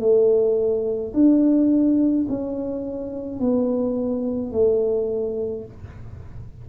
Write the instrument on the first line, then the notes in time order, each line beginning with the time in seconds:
tuba
0.00 A3
1.14 D4
2.29 C#4
3.40 B3
4.52 A3